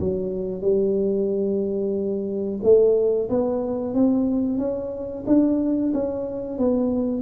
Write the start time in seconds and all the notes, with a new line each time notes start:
0.00 F#3
0.61 G3
2.63 A3
3.30 B3
3.94 C4
4.58 C#4
5.27 D4
5.94 C#4
6.58 B3